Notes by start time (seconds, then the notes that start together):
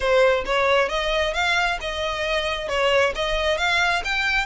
0.00 C5
0.45 C#5
0.88 D#5
1.33 F5
1.80 D#5
2.68 C#5
3.15 D#5
3.57 F5
4.04 G5